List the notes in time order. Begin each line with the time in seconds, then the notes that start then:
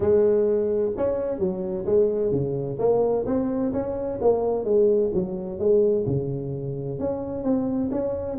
0.00 G#3
0.96 C#4
1.38 F#3
1.85 G#3
2.31 C#3
2.78 A#3
3.26 C4
3.72 C#4
4.21 A#3
4.64 G#3
5.13 F#3
5.58 G#3
6.06 C#3
6.99 C#4
7.43 C4
7.91 C#4